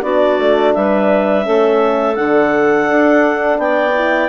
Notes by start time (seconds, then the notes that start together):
0.00 B3 D4 F#4 D5
0.38 A3
0.73 G3 B4 E5
1.42 A3 C#4 A4
2.15 D3 D4 F#5
2.89 D4
3.57 B3 D5 G5
3.94 E4